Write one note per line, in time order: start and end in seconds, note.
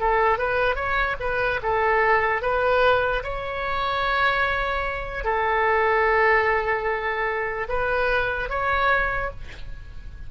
0.00 0.38 A4
0.38 0.76 B4
0.76 1.16 C#5
1.20 1.61 B4
1.63 2.42 A4
2.42 3.23 B4
3.24 5.24 C#5
5.24 7.68 A4
7.69 8.50 B4
8.50 9.31 C#5